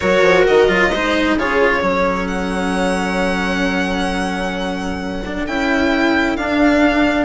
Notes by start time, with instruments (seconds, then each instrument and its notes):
0.00 bassoon F#3, cello F#4, viola A#4, violin C#5
0.22 bassoon F3
0.47 bassoon D#3, violin D#5
0.68 bassoon F#3, cello F4
0.91 bassoon G#3, cello D#4, viola C5
1.37 bassoon C#3, cello F4, viola G#4, violin C#5
1.81 bassoon F#3, cello C#4, viola A4
2.27 violin F#5
5.25 cello D4
5.45 bassoon C#4, cello E4, violin G5
6.36 bassoon D4, cello D4, violin F5